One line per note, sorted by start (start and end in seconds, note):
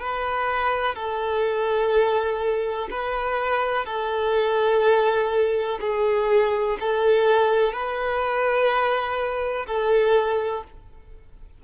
0.00 0.95 B4
0.95 2.89 A4
2.91 3.86 B4
3.86 5.79 A4
5.81 6.77 G#4
6.80 7.73 A4
7.73 9.66 B4
9.67 10.64 A4